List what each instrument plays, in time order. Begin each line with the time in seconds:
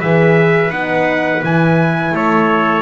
0.00 double bass E3, horn G#4, trumpet B4 E5
0.71 double bass B3, horn D#4, trumpet F#5
1.43 double bass E3, horn E4, trumpet G#5
2.12 double bass A3, trumpet A4 C#5